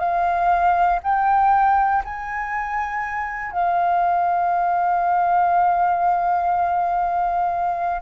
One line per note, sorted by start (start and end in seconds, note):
0.00 1.00 F5
1.03 2.03 G5
2.05 3.52 G#5
3.52 8.02 F5